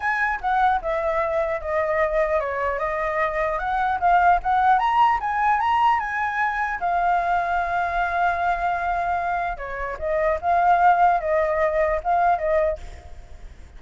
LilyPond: \new Staff \with { instrumentName = "flute" } { \time 4/4 \tempo 4 = 150 gis''4 fis''4 e''2 | dis''2 cis''4 dis''4~ | dis''4 fis''4 f''4 fis''4 | ais''4 gis''4 ais''4 gis''4~ |
gis''4 f''2.~ | f''1 | cis''4 dis''4 f''2 | dis''2 f''4 dis''4 | }